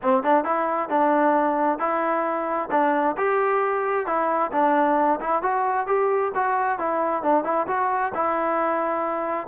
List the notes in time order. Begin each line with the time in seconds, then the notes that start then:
0.02 C4
0.23 D4
0.44 E4
0.89 D4
1.78 E4
2.70 D4
3.17 G4
4.06 E4
4.52 D4
5.20 E4
5.42 F#4
5.86 G4
6.34 F#4
6.79 E4
7.22 D4
7.44 E4
7.67 F#4
8.14 E4